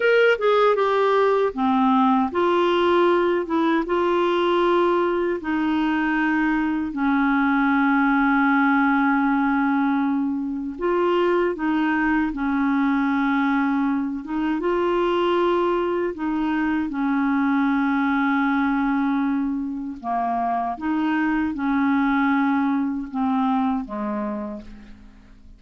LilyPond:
\new Staff \with { instrumentName = "clarinet" } { \time 4/4 \tempo 4 = 78 ais'8 gis'8 g'4 c'4 f'4~ | f'8 e'8 f'2 dis'4~ | dis'4 cis'2.~ | cis'2 f'4 dis'4 |
cis'2~ cis'8 dis'8 f'4~ | f'4 dis'4 cis'2~ | cis'2 ais4 dis'4 | cis'2 c'4 gis4 | }